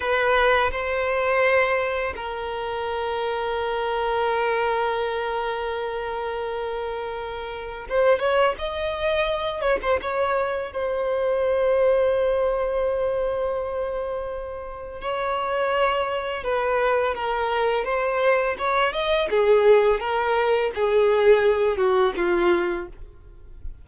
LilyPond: \new Staff \with { instrumentName = "violin" } { \time 4/4 \tempo 4 = 84 b'4 c''2 ais'4~ | ais'1~ | ais'2. c''8 cis''8 | dis''4. cis''16 c''16 cis''4 c''4~ |
c''1~ | c''4 cis''2 b'4 | ais'4 c''4 cis''8 dis''8 gis'4 | ais'4 gis'4. fis'8 f'4 | }